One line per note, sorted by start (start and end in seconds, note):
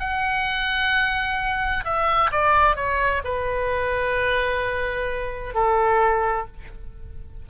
0.00 1.85 F#5
1.85 2.31 E5
2.32 2.76 D5
2.76 3.22 C#5
3.24 5.55 B4
5.55 6.47 A4